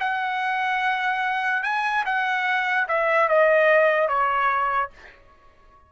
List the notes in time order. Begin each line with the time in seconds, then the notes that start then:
0.00 F#5
1.63 G#5
2.05 F#5
2.88 E5
3.29 D#5
4.08 C#5